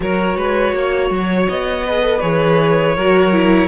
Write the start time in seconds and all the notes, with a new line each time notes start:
0.00 F#3 F#4 A#4 C#5
0.36 G#3 B4
0.73 A#3 C#5
1.10 F#3
1.48 B3 D#5
1.86 G#4 B4
2.02 A4
2.20 E3 G#4 C#5
2.95 F#3 F#4 A#4
3.32 E4